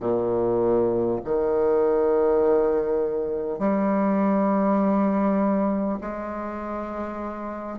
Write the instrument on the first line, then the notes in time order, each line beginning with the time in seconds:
bassoon
0.00 A#2
1.24 D#3
3.59 G3
6.01 G#3